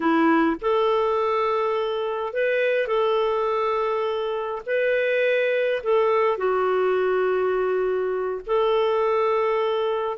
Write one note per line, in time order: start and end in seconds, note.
0.00 0.56 E4
0.61 2.33 A4
2.33 2.87 B4
2.87 4.62 A4
4.65 5.82 B4
5.83 6.37 A4
6.37 8.41 F#4
8.46 10.17 A4